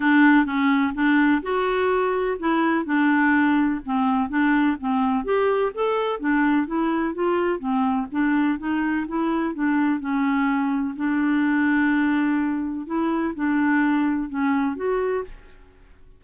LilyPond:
\new Staff \with { instrumentName = "clarinet" } { \time 4/4 \tempo 4 = 126 d'4 cis'4 d'4 fis'4~ | fis'4 e'4 d'2 | c'4 d'4 c'4 g'4 | a'4 d'4 e'4 f'4 |
c'4 d'4 dis'4 e'4 | d'4 cis'2 d'4~ | d'2. e'4 | d'2 cis'4 fis'4 | }